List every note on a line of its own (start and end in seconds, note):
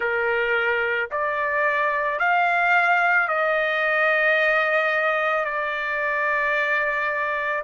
0.00 1.09 A#4
1.11 2.19 D5
2.19 3.28 F5
3.28 5.44 D#5
5.44 7.63 D5